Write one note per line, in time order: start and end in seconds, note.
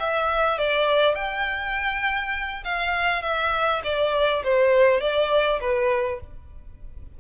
0.00 0.58 E5
0.58 1.16 D5
1.16 2.64 G5
2.65 3.23 F5
3.23 3.82 E5
3.84 4.43 D5
4.44 5.01 C5
5.01 5.60 D5
5.61 6.21 B4